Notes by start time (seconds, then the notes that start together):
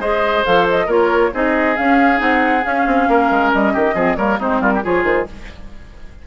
0.00 G#3 G#4 C5 D#5
0.45 F3 A4 F5
0.70 D#5
0.86 A#3 F4 A#4 C#5
1.33 C4 D#4 G#4 D#5
1.77 C#4 F5
2.17 C4 D#4 F#5
2.64 C#4 F5
2.86 C4
3.09 A#3 A#4
3.31 G#3
3.54 G3 D#5
3.74 D#3 G4
3.95 F3 C4 G#4
4.16 G3 A#3 A#4 C#5
4.39 G#3 C4 D#4 C5
4.61 G3 F4 A#4
4.75 G4
4.83 F3 F4 G#4 C#5
5.04 D#3 C5